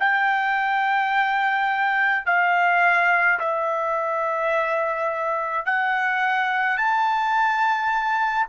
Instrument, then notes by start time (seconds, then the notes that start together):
trumpet
0.00 G5
2.26 F5
3.40 E5
5.66 F#5
6.78 A5